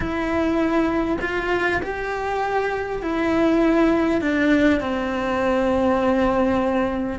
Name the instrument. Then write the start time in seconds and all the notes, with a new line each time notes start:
cello
0.00 E4
1.21 F4
1.82 G4
3.02 E4
4.21 D4
4.80 C4